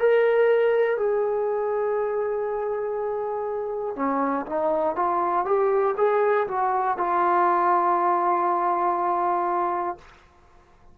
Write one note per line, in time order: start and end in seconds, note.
0.00 0.97 A#4
0.97 3.96 G#4
3.96 4.46 C#4
4.46 4.96 D#4
4.96 5.46 F4
5.46 5.96 G4
5.97 6.47 G#4
6.48 6.98 F#4
6.98 9.98 F4